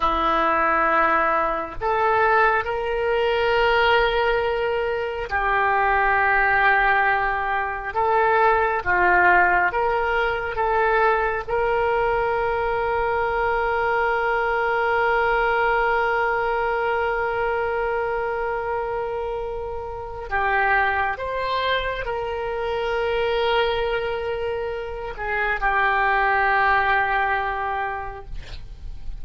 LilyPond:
\new Staff \with { instrumentName = "oboe" } { \time 4/4 \tempo 4 = 68 e'2 a'4 ais'4~ | ais'2 g'2~ | g'4 a'4 f'4 ais'4 | a'4 ais'2.~ |
ais'1~ | ais'2. g'4 | c''4 ais'2.~ | ais'8 gis'8 g'2. | }